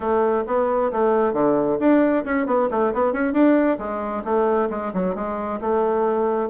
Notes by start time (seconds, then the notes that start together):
0.00 A3
0.46 B3
0.92 A3
1.33 D3
1.79 D4
2.24 C#4
2.46 B3
2.70 A3
2.93 B3
3.13 C#4
3.33 D4
3.78 G#3
4.24 A3
4.70 G#3
4.93 F#3
5.15 G#3
5.61 A3